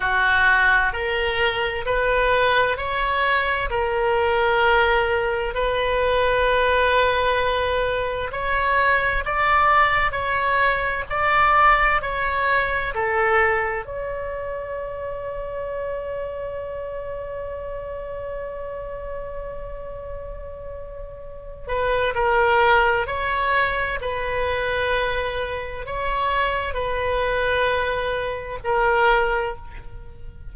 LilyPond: \new Staff \with { instrumentName = "oboe" } { \time 4/4 \tempo 4 = 65 fis'4 ais'4 b'4 cis''4 | ais'2 b'2~ | b'4 cis''4 d''4 cis''4 | d''4 cis''4 a'4 cis''4~ |
cis''1~ | cis''2.~ cis''8 b'8 | ais'4 cis''4 b'2 | cis''4 b'2 ais'4 | }